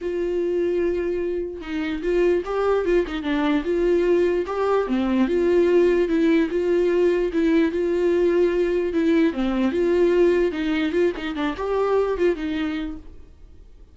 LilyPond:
\new Staff \with { instrumentName = "viola" } { \time 4/4 \tempo 4 = 148 f'1 | dis'4 f'4 g'4 f'8 dis'8 | d'4 f'2 g'4 | c'4 f'2 e'4 |
f'2 e'4 f'4~ | f'2 e'4 c'4 | f'2 dis'4 f'8 dis'8 | d'8 g'4. f'8 dis'4. | }